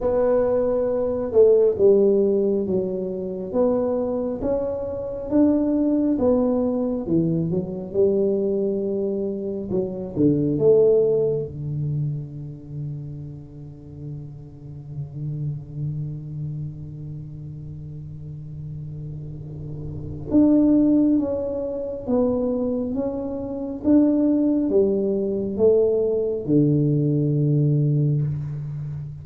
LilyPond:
\new Staff \with { instrumentName = "tuba" } { \time 4/4 \tempo 4 = 68 b4. a8 g4 fis4 | b4 cis'4 d'4 b4 | e8 fis8 g2 fis8 d8 | a4 d2.~ |
d1~ | d2. d'4 | cis'4 b4 cis'4 d'4 | g4 a4 d2 | }